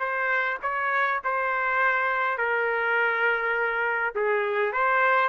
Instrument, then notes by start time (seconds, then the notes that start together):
trumpet
0.00 C5
0.63 C#5
1.25 C5
2.38 A#4
4.15 G#4
4.73 C5